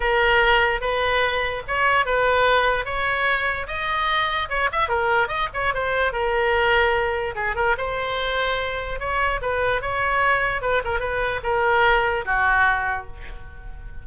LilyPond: \new Staff \with { instrumentName = "oboe" } { \time 4/4 \tempo 4 = 147 ais'2 b'2 | cis''4 b'2 cis''4~ | cis''4 dis''2 cis''8 e''8 | ais'4 dis''8 cis''8 c''4 ais'4~ |
ais'2 gis'8 ais'8 c''4~ | c''2 cis''4 b'4 | cis''2 b'8 ais'8 b'4 | ais'2 fis'2 | }